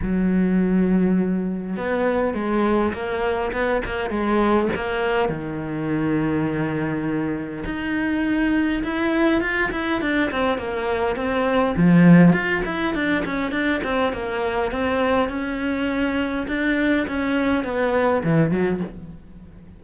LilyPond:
\new Staff \with { instrumentName = "cello" } { \time 4/4 \tempo 4 = 102 fis2. b4 | gis4 ais4 b8 ais8 gis4 | ais4 dis2.~ | dis4 dis'2 e'4 |
f'8 e'8 d'8 c'8 ais4 c'4 | f4 f'8 e'8 d'8 cis'8 d'8 c'8 | ais4 c'4 cis'2 | d'4 cis'4 b4 e8 fis8 | }